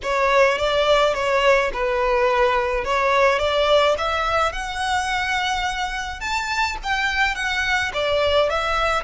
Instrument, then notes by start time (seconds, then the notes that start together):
violin
0.02 C#5
0.57 D5
1.14 C#5
1.73 B4
2.84 C#5
3.38 D5
3.98 E5
4.52 F#5
6.20 A5
6.83 G5
7.35 F#5
7.93 D5
8.49 E5